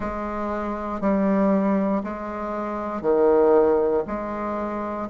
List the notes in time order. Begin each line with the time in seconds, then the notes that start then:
0.00 G#3
1.00 G3
2.03 G#3
3.01 D#3
4.07 G#3